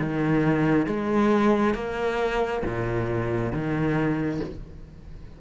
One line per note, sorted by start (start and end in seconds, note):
0.00 0.87 D#3
0.87 1.75 G#3
1.75 2.63 A#3
2.65 3.53 A#2
3.53 4.41 D#3